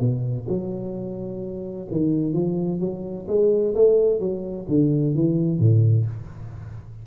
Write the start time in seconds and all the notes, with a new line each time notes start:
0.00 B2
0.48 F#3
1.91 D#3
2.34 F3
2.80 F#3
3.28 G#3
3.75 A3
4.20 F#3
4.68 D3
5.15 E3
5.59 A2